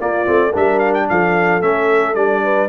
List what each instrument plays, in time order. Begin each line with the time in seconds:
0.00 tuba A#3, trombone A#3, horn F4, trumpet D5
0.26 tuba A3, trombone C4
0.50 tuba G3, trombone D4, horn A#4
0.57 trumpet E5
0.79 trumpet F5
0.95 trumpet G5
1.09 tuba F3, horn A4, trumpet F5
1.61 tuba A3, trombone C#4, trumpet E5
2.15 tuba G3, trombone D4, trumpet D5
2.44 horn B4